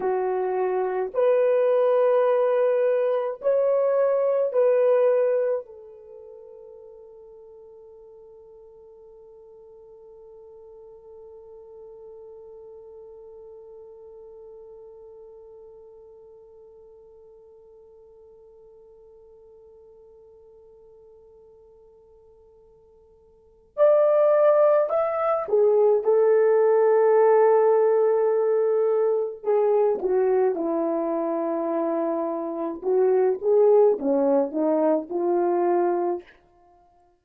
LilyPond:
\new Staff \with { instrumentName = "horn" } { \time 4/4 \tempo 4 = 53 fis'4 b'2 cis''4 | b'4 a'2.~ | a'1~ | a'1~ |
a'1~ | a'4 d''4 e''8 gis'8 a'4~ | a'2 gis'8 fis'8 e'4~ | e'4 fis'8 gis'8 cis'8 dis'8 f'4 | }